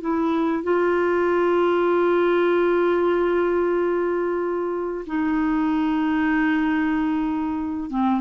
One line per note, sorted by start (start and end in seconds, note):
0.00 0.63 E4
0.63 5.05 F4
5.06 7.89 D#4
7.89 8.20 C4